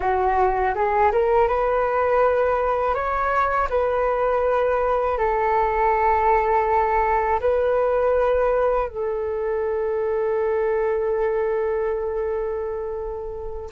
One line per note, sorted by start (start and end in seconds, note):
0.00 0.73 F#4
0.74 1.11 G#4
1.11 1.48 A#4
1.48 2.94 B4
2.94 3.68 C#5
3.69 5.18 B4
5.18 7.40 A4
7.40 8.88 B4
8.88 13.69 A4